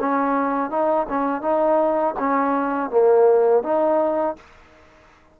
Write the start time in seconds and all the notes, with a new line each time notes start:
0.00 C#4
0.70 D#4
1.09 C#4
1.42 D#4
2.19 C#4
2.91 A#3
3.63 D#4